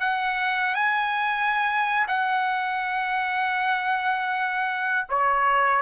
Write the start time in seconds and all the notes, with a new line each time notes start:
0.00 F#5
0.75 G#5
2.08 F#5
5.09 C#5